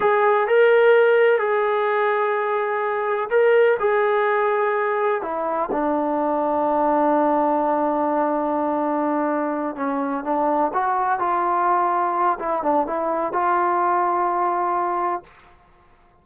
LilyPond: \new Staff \with { instrumentName = "trombone" } { \time 4/4 \tempo 4 = 126 gis'4 ais'2 gis'4~ | gis'2. ais'4 | gis'2. e'4 | d'1~ |
d'1~ | d'8 cis'4 d'4 fis'4 f'8~ | f'2 e'8 d'8 e'4 | f'1 | }